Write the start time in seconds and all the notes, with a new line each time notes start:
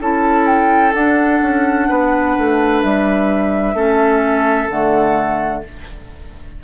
0.00 C#4 E4 A4 A5
0.46 G5
0.93 D4 F#5
1.41 C#4
1.88 B3 B4
2.38 A3
2.82 G3 E5
3.74 A3 C#4 A4
4.69 D3 A3 F#5